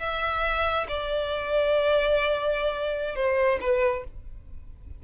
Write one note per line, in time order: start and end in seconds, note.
0.00 0.87 E5
0.89 3.16 D5
3.16 3.59 C5
3.61 4.04 B4